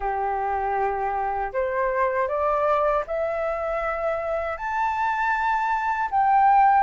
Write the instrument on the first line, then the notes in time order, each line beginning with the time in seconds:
flute
0.00 G4
1.53 C5
2.28 D5
3.06 E5
4.57 A5
6.10 G5